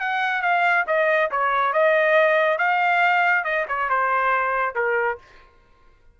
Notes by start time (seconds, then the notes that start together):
0.00 F#5
0.42 F5
0.87 D#5
1.31 C#5
1.73 D#5
2.58 F5
3.44 D#5
3.68 C#5
3.89 C5
4.75 A#4